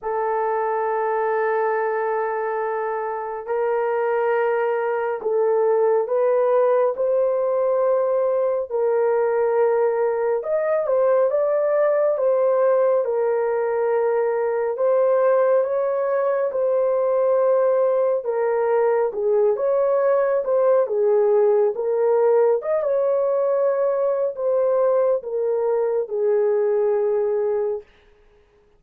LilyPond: \new Staff \with { instrumentName = "horn" } { \time 4/4 \tempo 4 = 69 a'1 | ais'2 a'4 b'4 | c''2 ais'2 | dis''8 c''8 d''4 c''4 ais'4~ |
ais'4 c''4 cis''4 c''4~ | c''4 ais'4 gis'8 cis''4 c''8 | gis'4 ais'4 dis''16 cis''4.~ cis''16 | c''4 ais'4 gis'2 | }